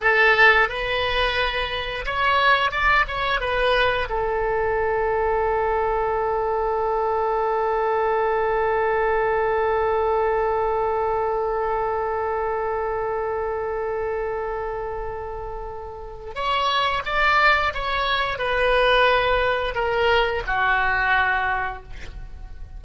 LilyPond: \new Staff \with { instrumentName = "oboe" } { \time 4/4 \tempo 4 = 88 a'4 b'2 cis''4 | d''8 cis''8 b'4 a'2~ | a'1~ | a'1~ |
a'1~ | a'1 | cis''4 d''4 cis''4 b'4~ | b'4 ais'4 fis'2 | }